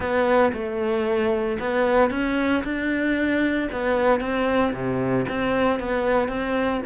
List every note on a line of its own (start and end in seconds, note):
0.00 0.52 B3
0.53 1.58 A3
1.59 2.10 B3
2.10 2.63 C#4
2.63 3.69 D4
3.72 4.20 B3
4.20 4.72 C4
4.73 5.25 C3
5.28 5.79 C4
5.79 6.28 B3
6.28 6.81 C4